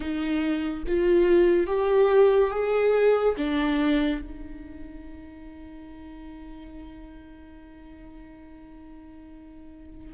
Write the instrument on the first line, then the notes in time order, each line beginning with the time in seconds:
viola
0.00 D#4
0.87 F4
1.67 G4
2.50 G#4
3.37 D4
4.21 D#4